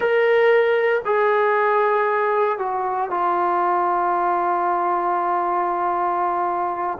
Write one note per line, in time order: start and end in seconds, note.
0.00 1.02 A#4
1.05 2.58 G#4
2.58 3.10 F#4
3.10 6.98 F4